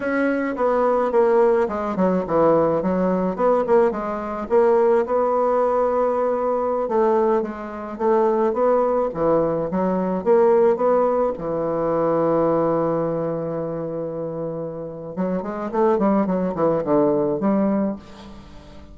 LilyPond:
\new Staff \with { instrumentName = "bassoon" } { \time 4/4 \tempo 4 = 107 cis'4 b4 ais4 gis8 fis8 | e4 fis4 b8 ais8 gis4 | ais4 b2.~ | b16 a4 gis4 a4 b8.~ |
b16 e4 fis4 ais4 b8.~ | b16 e2.~ e8.~ | e2. fis8 gis8 | a8 g8 fis8 e8 d4 g4 | }